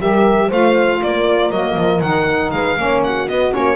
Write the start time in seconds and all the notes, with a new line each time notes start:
0.00 G3 G4 A#4 E5
0.48 A3 F4 C5 F5
1.02 A#3 A#4 D5
1.51 F#3 A#3 D#5
1.77 F3
2.01 D#3 D#4 F#5
2.51 G#3 B4 F5
2.77 A#3 C#4 C#5
3.04 F#4 F#5
3.28 B3 D#5
3.53 A#3 C#4 C#5